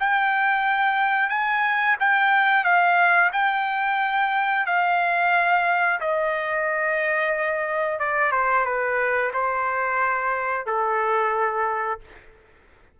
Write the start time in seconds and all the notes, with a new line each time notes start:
0.00 G5
1.29 G#5
2.00 G5
2.64 F5
3.33 G5
4.66 F5
6.01 D#5
7.99 D5
8.32 C5
8.65 B4
9.33 C5
10.66 A4